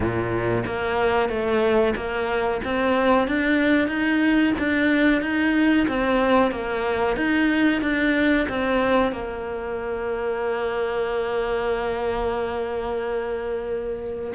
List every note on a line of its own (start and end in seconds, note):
0.00 0.64 A#2
0.66 1.29 A#3
1.29 1.94 A3
1.95 2.61 A#3
2.64 3.27 C4
3.27 3.88 D4
3.88 4.53 D#4
4.58 5.21 D4
5.21 5.86 D#4
5.88 6.51 C4
6.51 7.16 A#3
7.16 7.81 D#4
7.81 8.46 D4
8.48 9.12 C4
9.12 14.33 A#3